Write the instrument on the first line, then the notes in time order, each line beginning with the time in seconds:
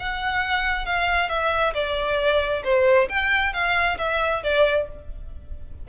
violin
0.00 F#5
0.86 F5
1.29 E5
1.74 D5
2.64 C5
3.09 G5
3.54 F5
3.99 E5
4.44 D5